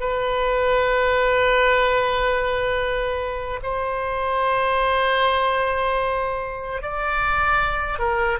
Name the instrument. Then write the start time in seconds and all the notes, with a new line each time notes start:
oboe
0.00 B4
3.63 C5
6.82 D5
7.99 A#4